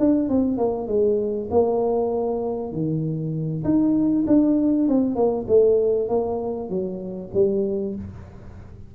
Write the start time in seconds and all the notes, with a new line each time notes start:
0.00 D4
0.29 C4
0.58 A#3
0.88 G#3
1.51 A#3
2.72 D#3
3.65 D#4
4.27 D4
4.88 C4
5.16 A#3
5.48 A3
6.09 A#3
6.70 F#3
7.34 G3